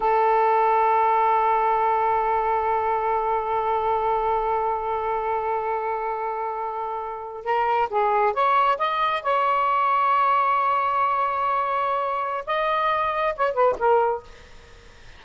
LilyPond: \new Staff \with { instrumentName = "saxophone" } { \time 4/4 \tempo 4 = 135 a'1~ | a'1~ | a'1~ | a'1~ |
a'8. ais'4 gis'4 cis''4 dis''16~ | dis''8. cis''2.~ cis''16~ | cis''1 | dis''2 cis''8 b'8 ais'4 | }